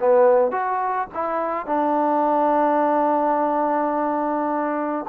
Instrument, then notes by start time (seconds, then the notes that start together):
trombone
0.00 B3
0.51 F#4
1.14 E4
1.66 D4